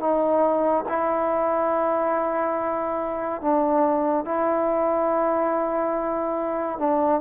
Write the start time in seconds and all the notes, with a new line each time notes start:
0.00 D#4
0.89 E4
3.41 D4
4.25 E4
6.79 D4